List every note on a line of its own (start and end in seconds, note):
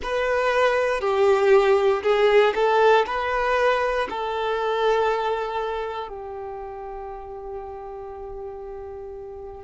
0.02 1.00 B4
1.00 2.02 G4
2.02 2.53 G#4
2.54 3.05 A4
3.06 4.08 B4
4.09 6.08 A4
6.08 9.63 G4